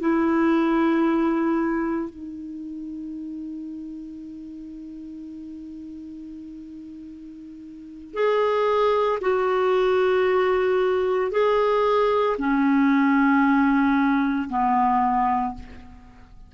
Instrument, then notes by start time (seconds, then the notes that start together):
clarinet
0.00 E4
2.10 D#4
8.14 G#4
9.21 F#4
11.32 G#4
12.39 C#4
14.49 B3